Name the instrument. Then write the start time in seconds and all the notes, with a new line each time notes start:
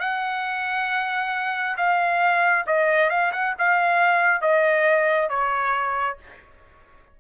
trumpet
0.00 F#5
1.77 F5
2.67 D#5
3.10 F5
3.32 F#5
3.59 F5
4.42 D#5
5.29 C#5